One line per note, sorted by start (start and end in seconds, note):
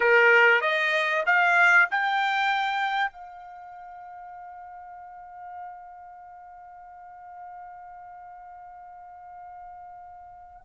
0.00 0.61 A#4
0.61 1.23 D#5
1.26 1.88 F5
1.90 3.11 G5
3.11 10.61 F5